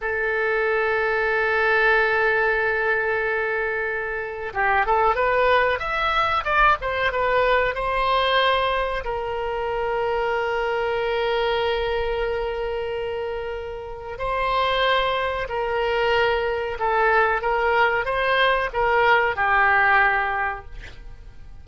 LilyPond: \new Staff \with { instrumentName = "oboe" } { \time 4/4 \tempo 4 = 93 a'1~ | a'2. g'8 a'8 | b'4 e''4 d''8 c''8 b'4 | c''2 ais'2~ |
ais'1~ | ais'2 c''2 | ais'2 a'4 ais'4 | c''4 ais'4 g'2 | }